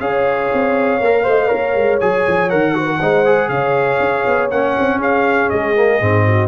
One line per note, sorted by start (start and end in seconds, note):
0.00 0.51 C#4
0.00 1.01 G#4
0.00 1.25 C#5
0.00 2.00 F5
0.54 1.01 C4
1.01 1.26 A#3
1.01 1.24 A#4
1.24 1.51 A3
1.24 1.48 C5
1.24 1.48 D#5
1.48 1.76 A#3
1.48 1.98 A#4
1.48 2.73 C#5
1.76 2.01 G#3
2.01 2.27 F#3
2.01 2.50 G#4
2.01 2.50 G#5
2.28 2.53 F3
2.50 3.01 D#3
2.50 2.75 A#4
2.50 3.49 F#5
2.75 3.00 F#4
2.75 2.87 C5
2.87 2.99 A#4
3.01 3.49 G#3
3.01 3.26 D#4
3.01 3.51 C5
3.26 4.51 G#4
3.49 3.99 C#3
3.49 4.99 C#5
3.49 4.49 F5
4.00 4.25 C#4
4.27 4.51 B3
4.51 4.76 A#3
4.51 5.76 C#4
4.51 5.01 F#5
4.79 4.97 C4
4.97 5.47 C#4
4.97 6.24 G#4
5.03 5.50 F5
5.50 6.01 G#3
5.50 6.48 D#5
5.76 6.00 A#3
6.00 6.48 G#2
6.00 6.48 C4
6.27 6.48 F#4